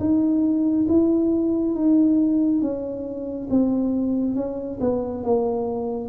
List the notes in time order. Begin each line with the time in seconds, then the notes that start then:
0.00 D#4
0.89 E4
1.75 D#4
2.62 C#4
3.50 C4
4.36 C#4
4.81 B3
5.24 A#3